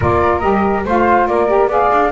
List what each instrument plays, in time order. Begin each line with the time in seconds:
0.00 double bass A#3, saxophone F4, flute A#4 D5
0.39 double bass G3, saxophone G4, flute D#5
0.84 double bass A3, saxophone F4, flute C5 F5
1.27 double bass A#3, flute A#4 D5
1.47 saxophone G4
1.66 double bass B3, saxophone G#4, flute D5 F5
1.92 double bass D4